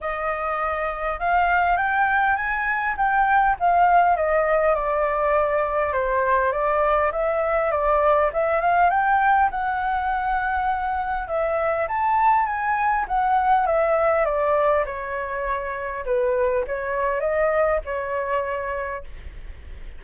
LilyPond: \new Staff \with { instrumentName = "flute" } { \time 4/4 \tempo 4 = 101 dis''2 f''4 g''4 | gis''4 g''4 f''4 dis''4 | d''2 c''4 d''4 | e''4 d''4 e''8 f''8 g''4 |
fis''2. e''4 | a''4 gis''4 fis''4 e''4 | d''4 cis''2 b'4 | cis''4 dis''4 cis''2 | }